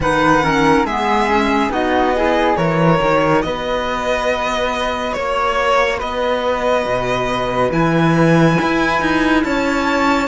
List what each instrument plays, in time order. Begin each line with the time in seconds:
0.00 cello D#3, clarinet D#4, flute B4, violin F#5
0.42 clarinet C#4, flute A#4
0.84 cello G#3, clarinet B3, flute G#4, violin E5
1.28 clarinet C#4
1.69 cello B3, clarinet D#4, flute F#4, violin D#5
2.15 clarinet E4, flute G#4
2.56 cello E3, clarinet F#4, flute A#4, violin C#5
3.01 cello D#3
3.42 cello B3, flute B4, violin D#5
5.13 cello A#3, violin C#5, flute C#5
5.99 cello B3, flute B4, violin D#5
6.85 cello B2
7.70 cello E3, clarinet E4, violin G#5
8.61 cello E4
9.01 cello D#4
9.43 cello C#4, flute C#5, violin A5